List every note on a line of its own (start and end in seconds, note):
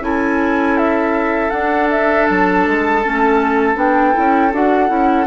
0.00 1.50 C#4
0.00 1.52 E4
0.00 5.28 A4
0.00 0.78 G#5
0.78 1.50 E5
1.50 3.03 D4
1.50 2.28 D4
1.50 1.88 F#5
1.91 2.27 E5
2.27 2.67 F#3
2.27 3.77 A5
2.67 3.05 G#3
3.03 3.76 A3
3.03 3.76 C#4
3.76 4.14 B3
3.76 4.13 D4
3.76 4.54 G5
4.13 4.53 C#4
4.13 4.51 E4
4.53 4.90 D4
4.53 4.88 F#4
4.53 5.28 F#5
4.88 5.27 C#4
4.88 5.26 E4